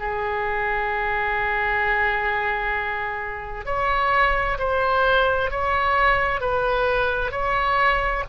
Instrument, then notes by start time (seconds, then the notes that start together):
oboe
0.00 G#4
3.66 C#5
4.59 C5
5.51 C#5
6.41 B4
7.32 C#5